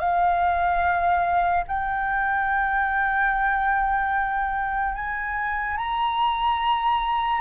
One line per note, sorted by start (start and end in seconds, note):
0.00 1.64 F5
1.68 4.95 G5
4.95 5.78 G#5
5.78 7.42 A#5